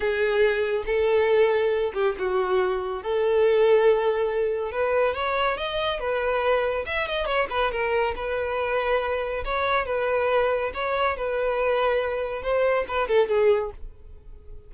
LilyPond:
\new Staff \with { instrumentName = "violin" } { \time 4/4 \tempo 4 = 140 gis'2 a'2~ | a'8 g'8 fis'2 a'4~ | a'2. b'4 | cis''4 dis''4 b'2 |
e''8 dis''8 cis''8 b'8 ais'4 b'4~ | b'2 cis''4 b'4~ | b'4 cis''4 b'2~ | b'4 c''4 b'8 a'8 gis'4 | }